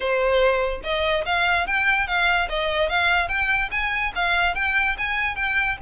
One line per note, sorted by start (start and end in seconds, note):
0.00 0.81 C5
0.83 1.25 D#5
1.25 1.66 F5
1.66 2.07 G5
2.07 2.48 F5
2.49 2.89 D#5
2.89 3.28 F5
3.28 3.69 G5
3.71 4.12 G#5
4.15 4.54 F5
4.54 4.96 G5
4.98 5.35 G#5
5.35 5.77 G5